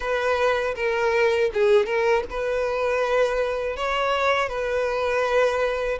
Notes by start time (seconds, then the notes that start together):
0.00 B4
0.75 A#4
1.53 G#4
1.85 A#4
2.29 B4
3.76 C#5
4.49 B4